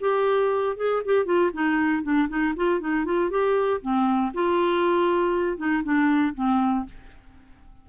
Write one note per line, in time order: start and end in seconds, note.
0.00 0.76 G4
0.77 1.02 G#4
1.05 1.25 G4
1.25 1.51 F4
1.53 2.03 D#4
2.03 2.28 D4
2.28 2.54 D#4
2.56 2.80 F4
2.80 3.05 D#4
3.05 3.30 F4
3.30 3.81 G4
3.81 4.32 C4
4.34 5.57 F4
5.57 5.83 D#4
5.83 6.34 D4
6.34 6.85 C4